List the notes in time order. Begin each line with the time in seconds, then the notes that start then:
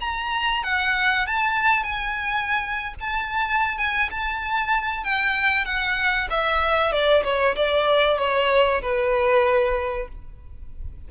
0.00 A#5
0.63 F#5
1.26 A5
1.83 G#5
3.00 A5
3.78 G#5
4.11 A5
5.04 G5
5.65 F#5
6.30 E5
6.92 D5
7.24 C#5
7.56 D5
8.18 C#5
8.82 B4